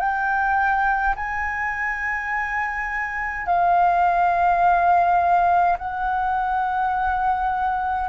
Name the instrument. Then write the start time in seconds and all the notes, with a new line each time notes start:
flute
0.00 G5
1.16 G#5
3.47 F5
5.78 F#5